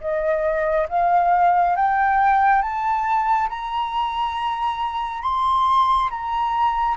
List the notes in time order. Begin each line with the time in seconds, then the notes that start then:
0.00 D#5
0.89 F5
1.76 G5
2.62 A5
3.49 A#5
5.22 C6
6.09 A#5